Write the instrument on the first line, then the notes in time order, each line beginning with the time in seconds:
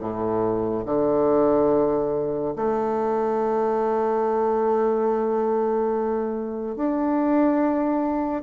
bassoon
0.00 A2
0.86 D3
2.56 A3
6.76 D4